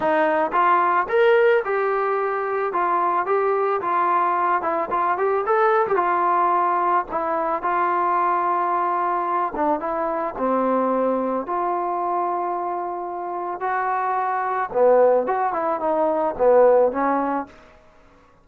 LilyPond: \new Staff \with { instrumentName = "trombone" } { \time 4/4 \tempo 4 = 110 dis'4 f'4 ais'4 g'4~ | g'4 f'4 g'4 f'4~ | f'8 e'8 f'8 g'8 a'8. g'16 f'4~ | f'4 e'4 f'2~ |
f'4. d'8 e'4 c'4~ | c'4 f'2.~ | f'4 fis'2 b4 | fis'8 e'8 dis'4 b4 cis'4 | }